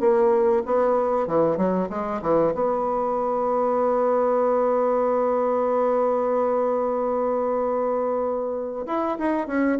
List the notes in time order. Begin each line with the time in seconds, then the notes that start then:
0.00 A#3
0.65 B3
1.27 E3
1.57 F#3
1.89 G#3
2.22 E3
2.54 B3
8.86 E4
9.18 D#4
9.47 C#4